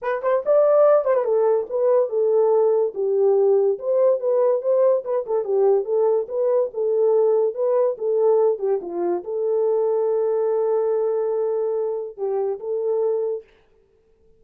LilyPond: \new Staff \with { instrumentName = "horn" } { \time 4/4 \tempo 4 = 143 b'8 c''8 d''4. c''16 b'16 a'4 | b'4 a'2 g'4~ | g'4 c''4 b'4 c''4 | b'8 a'8 g'4 a'4 b'4 |
a'2 b'4 a'4~ | a'8 g'8 f'4 a'2~ | a'1~ | a'4 g'4 a'2 | }